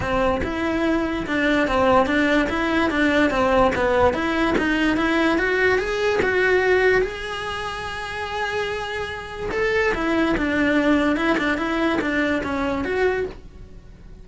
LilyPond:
\new Staff \with { instrumentName = "cello" } { \time 4/4 \tempo 4 = 145 c'4 e'2 d'4 | c'4 d'4 e'4 d'4 | c'4 b4 e'4 dis'4 | e'4 fis'4 gis'4 fis'4~ |
fis'4 gis'2.~ | gis'2. a'4 | e'4 d'2 e'8 d'8 | e'4 d'4 cis'4 fis'4 | }